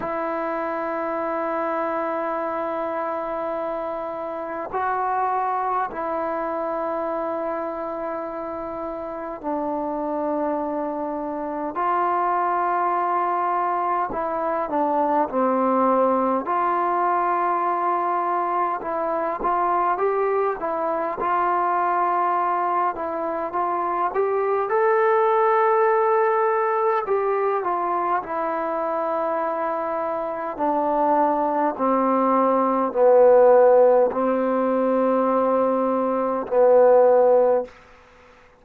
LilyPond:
\new Staff \with { instrumentName = "trombone" } { \time 4/4 \tempo 4 = 51 e'1 | fis'4 e'2. | d'2 f'2 | e'8 d'8 c'4 f'2 |
e'8 f'8 g'8 e'8 f'4. e'8 | f'8 g'8 a'2 g'8 f'8 | e'2 d'4 c'4 | b4 c'2 b4 | }